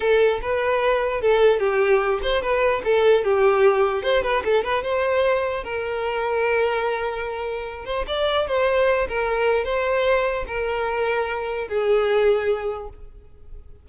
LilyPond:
\new Staff \with { instrumentName = "violin" } { \time 4/4 \tempo 4 = 149 a'4 b'2 a'4 | g'4. c''8 b'4 a'4 | g'2 c''8 b'8 a'8 b'8 | c''2 ais'2~ |
ais'2.~ ais'8 c''8 | d''4 c''4. ais'4. | c''2 ais'2~ | ais'4 gis'2. | }